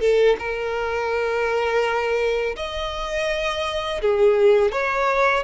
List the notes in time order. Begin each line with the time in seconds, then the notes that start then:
0.00 A4
0.39 A#4
2.56 D#5
4.02 G#4
4.72 C#5